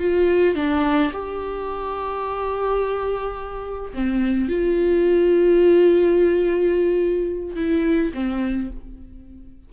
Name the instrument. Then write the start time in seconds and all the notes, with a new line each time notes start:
viola
0.00 F4
0.56 D4
1.13 G4
3.94 C4
4.49 F4
7.56 E4
8.14 C4